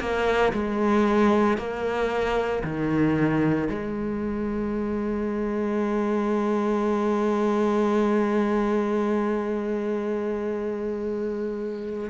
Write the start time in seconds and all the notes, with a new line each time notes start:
0.00 A#3
0.53 G#3
1.57 A#3
2.63 D#3
3.69 G#3